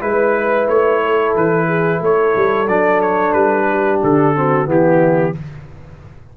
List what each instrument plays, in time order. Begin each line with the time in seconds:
0.00 tuba G#3, trombone E4, trumpet B4, horn B4
0.67 tuba A3, trumpet C#5
1.04 horn A4
1.35 tuba E3, trumpet B4
1.67 horn G#4
1.98 tuba A3, horn A4, trumpet C#5
2.35 tuba G3
2.67 tuba F#3, trombone D4, trumpet D5
3.01 trumpet C#5
3.32 tuba G3, trumpet B4
3.69 horn G4
4.03 tuba D3, trumpet A4
4.35 trombone C4, horn F#4
4.65 tuba E3, trombone B3, horn E4, trumpet G4